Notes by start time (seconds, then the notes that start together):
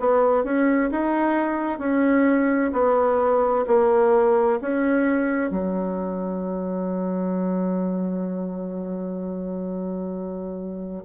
0.00 B3
0.44 C#4
0.91 D#4
1.79 C#4
2.73 B3
3.67 A#3
4.62 C#4
5.50 F#3